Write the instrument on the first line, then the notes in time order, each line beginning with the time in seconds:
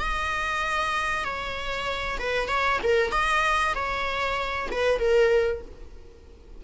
viola
0.00 D#5
1.25 C#5
2.20 B4
2.49 C#5
2.84 A#4
3.12 D#5
3.75 C#5
4.72 B4
5.00 A#4